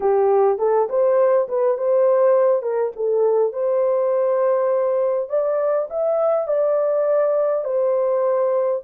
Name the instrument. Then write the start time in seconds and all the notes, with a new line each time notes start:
horn
0.00 G4
0.58 A4
0.89 C5
1.48 B4
1.77 C5
2.62 A#4
2.96 A4
3.52 C5
5.29 D5
5.90 E5
6.47 D5
7.64 C5